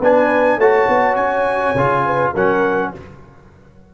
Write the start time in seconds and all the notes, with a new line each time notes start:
0.00 B3 D4 B4 G#5
0.58 A3 F#4 C#5 A5
0.88 B3
1.15 C#4 G#5
1.75 C#3 F4
2.05 B4
2.33 F#3 C#4 A#4 F#5